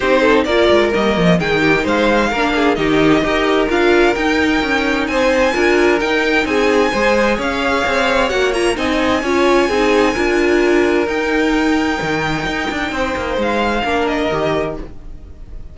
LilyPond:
<<
  \new Staff \with { instrumentName = "violin" } { \time 4/4 \tempo 4 = 130 c''4 d''4 dis''4 g''4 | f''2 dis''2 | f''4 g''2 gis''4~ | gis''4 g''4 gis''2 |
f''2 fis''8 ais''8 gis''4~ | gis''1 | g''1~ | g''4 f''4. dis''4. | }
  \new Staff \with { instrumentName = "violin" } { \time 4/4 g'8 a'8 ais'2 gis'8 g'8 | c''4 ais'8 gis'8 g'4 ais'4~ | ais'2. c''4 | ais'2 gis'4 c''4 |
cis''2. dis''4 | cis''4 gis'4 ais'2~ | ais'1 | c''2 ais'2 | }
  \new Staff \with { instrumentName = "viola" } { \time 4/4 dis'4 f'4 ais4 dis'4~ | dis'4 d'4 dis'4 g'4 | f'4 dis'2. | f'4 dis'2 gis'4~ |
gis'2 fis'8 f'8 dis'4 | f'4 dis'4 f'2 | dis'1~ | dis'2 d'4 g'4 | }
  \new Staff \with { instrumentName = "cello" } { \time 4/4 c'4 ais8 gis8 g8 f8 dis4 | gis4 ais4 dis4 dis'4 | d'4 dis'4 cis'4 c'4 | d'4 dis'4 c'4 gis4 |
cis'4 c'4 ais4 c'4 | cis'4 c'4 d'2 | dis'2 dis4 dis'8 d'8 | c'8 ais8 gis4 ais4 dis4 | }
>>